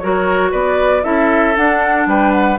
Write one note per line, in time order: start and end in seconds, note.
0.00 0.53 F#3
0.00 1.03 F#4
0.00 0.51 A#4
0.00 0.52 C#5
0.51 1.05 B3
0.51 1.03 B4
0.51 1.04 D5
1.03 1.57 C#4
1.03 1.55 E4
1.03 2.08 A4
1.03 1.56 E5
1.57 2.60 D4
1.57 2.07 D4
1.57 2.08 F#5
2.07 2.59 G3
2.07 2.60 B4
2.07 2.32 G5
2.32 2.58 F#5